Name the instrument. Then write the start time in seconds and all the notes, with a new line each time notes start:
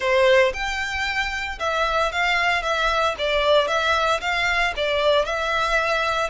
violin
0.00 C5
0.53 G5
1.59 E5
2.12 F5
2.62 E5
3.18 D5
3.67 E5
4.20 F5
4.76 D5
5.25 E5